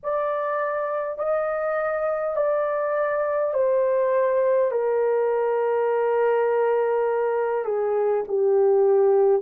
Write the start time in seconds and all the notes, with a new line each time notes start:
0.03 D5
1.18 D#5
2.35 D5
3.53 C5
4.71 A#4
7.65 G#4
8.27 G4